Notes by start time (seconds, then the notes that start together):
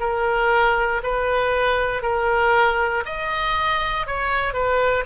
0.00 A#4
1.03 B4
2.02 A#4
3.06 D#5
4.07 C#5
4.53 B4